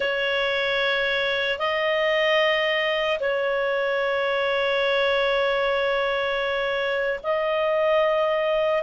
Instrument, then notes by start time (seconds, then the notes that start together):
clarinet
0.00 C#5
1.59 D#5
3.20 C#5
7.23 D#5